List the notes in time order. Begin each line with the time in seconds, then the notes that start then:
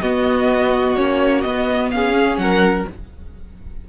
0.00 B3 F#4 D#5
0.95 A#3 C#4 C#5
1.41 B3 D#5
1.91 C#4 G#4 F5
2.13 C#4
2.37 F#3 A#4 F#5